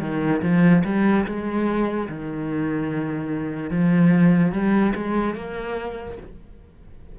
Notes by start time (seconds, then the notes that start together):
0.00 D#3
0.42 F3
0.84 G3
1.26 G#3
2.09 D#3
3.70 F3
4.52 G3
4.95 G#3
5.35 A#3